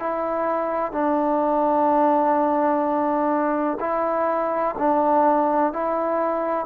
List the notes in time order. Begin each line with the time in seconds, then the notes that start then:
0.00 E4
0.93 D4
3.81 E4
4.79 D4
5.73 E4